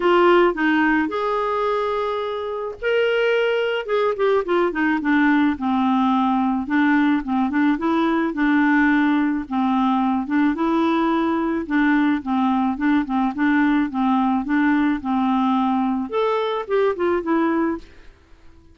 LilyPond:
\new Staff \with { instrumentName = "clarinet" } { \time 4/4 \tempo 4 = 108 f'4 dis'4 gis'2~ | gis'4 ais'2 gis'8 g'8 | f'8 dis'8 d'4 c'2 | d'4 c'8 d'8 e'4 d'4~ |
d'4 c'4. d'8 e'4~ | e'4 d'4 c'4 d'8 c'8 | d'4 c'4 d'4 c'4~ | c'4 a'4 g'8 f'8 e'4 | }